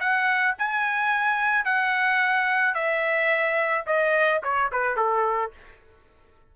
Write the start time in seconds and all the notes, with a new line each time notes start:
0.00 F#5
0.58 G#5
1.65 F#5
2.74 E5
3.86 D#5
4.43 C#5
4.72 B4
4.96 A4